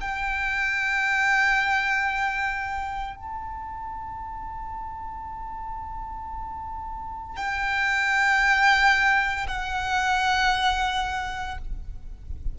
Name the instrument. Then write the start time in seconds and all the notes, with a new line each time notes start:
violin
0.00 G5
3.16 A5
7.36 G5
9.47 F#5